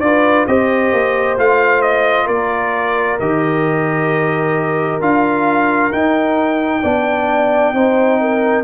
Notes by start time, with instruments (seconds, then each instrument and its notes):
0.00 tuba D4, trombone F4, horn B4, trumpet D5
0.47 tuba C4, trombone G4, horn C5, trumpet D#5
0.92 tuba A#3
1.37 tuba A3, trombone F4, trumpet F5
1.82 trumpet D#5
2.26 tuba A#3, horn A#4, trumpet D5
3.20 tuba D#3, trombone G4, trumpet D#5
5.01 tuba D4, trombone F4, trumpet F5
5.92 trombone D#4, tuba D#4, trumpet G5
6.83 tuba B3, trombone D4, horn D5
7.73 tuba C4, trombone D#4, horn C5
8.21 horn A#4